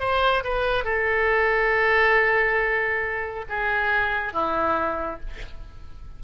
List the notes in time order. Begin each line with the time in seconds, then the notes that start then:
0.00 C5
0.44 B4
0.84 A4
3.49 G#4
4.33 E4